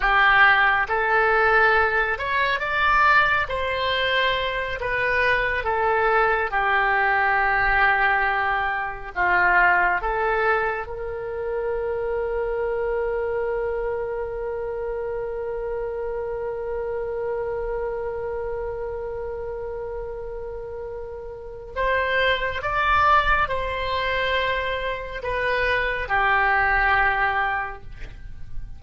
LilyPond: \new Staff \with { instrumentName = "oboe" } { \time 4/4 \tempo 4 = 69 g'4 a'4. cis''8 d''4 | c''4. b'4 a'4 g'8~ | g'2~ g'8 f'4 a'8~ | a'8 ais'2.~ ais'8~ |
ais'1~ | ais'1~ | ais'4 c''4 d''4 c''4~ | c''4 b'4 g'2 | }